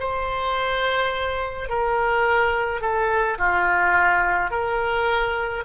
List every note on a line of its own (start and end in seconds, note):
0.00 1.69 C5
1.69 2.81 A#4
2.81 3.38 A4
3.39 4.51 F4
4.51 5.64 A#4